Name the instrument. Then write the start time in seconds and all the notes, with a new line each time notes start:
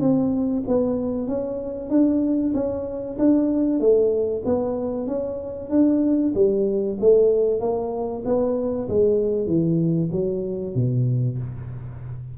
tuba
0.00 C4
0.67 B3
1.27 C#4
1.90 D4
2.54 C#4
3.19 D4
3.80 A3
4.45 B3
5.07 C#4
5.70 D4
6.35 G3
7.00 A3
7.60 A#3
8.25 B3
8.89 G#3
9.47 E3
10.12 F#3
10.75 B2